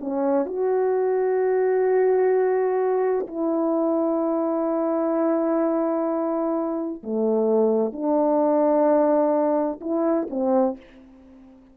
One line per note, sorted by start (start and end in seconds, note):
0.00 0.46 C#4
0.46 3.27 F#4
3.27 7.02 E4
7.04 7.93 A3
7.93 9.80 D4
9.81 10.27 E4
10.30 10.77 C4